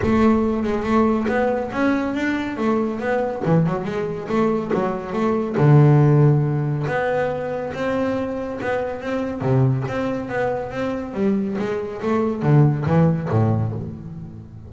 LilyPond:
\new Staff \with { instrumentName = "double bass" } { \time 4/4 \tempo 4 = 140 a4. gis8 a4 b4 | cis'4 d'4 a4 b4 | e8 fis8 gis4 a4 fis4 | a4 d2. |
b2 c'2 | b4 c'4 c4 c'4 | b4 c'4 g4 gis4 | a4 d4 e4 a,4 | }